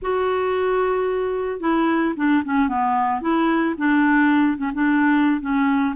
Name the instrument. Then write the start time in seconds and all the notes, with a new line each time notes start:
clarinet
0.01 F#4
1.60 E4
2.16 D4
2.44 C#4
2.68 B3
3.21 E4
3.77 D4
4.57 C#4
4.73 D4
5.41 C#4